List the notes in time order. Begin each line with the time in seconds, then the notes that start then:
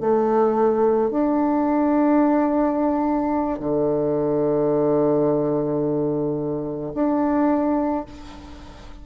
0.00 A3
1.11 D4
3.60 D3
6.94 D4